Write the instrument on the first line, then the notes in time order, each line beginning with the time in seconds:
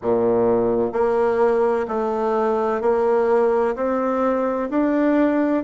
bassoon
0.02 A#2
0.92 A#3
1.87 A3
2.81 A#3
3.75 C4
4.70 D4